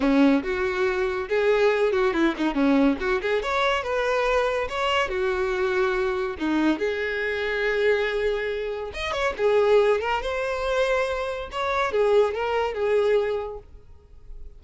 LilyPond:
\new Staff \with { instrumentName = "violin" } { \time 4/4 \tempo 4 = 141 cis'4 fis'2 gis'4~ | gis'8 fis'8 e'8 dis'8 cis'4 fis'8 gis'8 | cis''4 b'2 cis''4 | fis'2. dis'4 |
gis'1~ | gis'4 dis''8 cis''8 gis'4. ais'8 | c''2. cis''4 | gis'4 ais'4 gis'2 | }